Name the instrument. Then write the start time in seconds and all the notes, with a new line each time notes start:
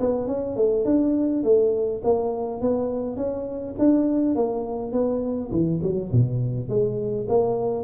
tuba
0.00 B3
0.27 C#4
0.56 A3
0.85 D4
1.44 A3
2.04 A#3
2.61 B3
3.16 C#4
3.78 D4
4.35 A#3
4.92 B3
5.51 E3
5.82 F#3
6.12 B2
6.69 G#3
7.28 A#3